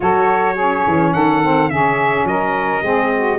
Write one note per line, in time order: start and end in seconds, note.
0.00 0.86 F#3
0.00 0.55 F#4
0.00 0.54 A4
0.00 1.13 C#5
0.54 1.42 C#4
0.54 1.10 G#4
0.86 1.14 E3
1.13 1.70 D#3
1.13 1.70 A4
1.13 1.69 F#5
1.42 1.70 C4
1.69 2.24 C#3
1.69 2.81 C#4
1.69 2.26 G#4
1.69 2.26 E5
2.24 2.80 F#3
2.24 2.84 A#4
2.24 3.38 D#5
2.81 3.38 G#3
2.81 3.38 C4
2.81 3.12 G#4
3.15 3.38 F#4